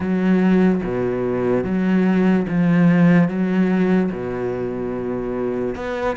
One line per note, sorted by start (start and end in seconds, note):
0.00 0.81 F#3
0.83 1.64 B2
1.64 2.46 F#3
2.48 3.28 F3
3.28 4.10 F#3
4.11 5.75 B2
5.75 6.16 B3